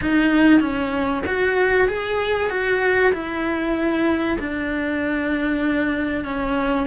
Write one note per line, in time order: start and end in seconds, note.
0.01 0.60 D#4
0.60 1.22 C#4
1.26 1.88 F#4
1.88 2.50 G#4
2.50 3.12 F#4
3.12 4.38 E4
4.39 6.24 D4
6.24 6.86 C#4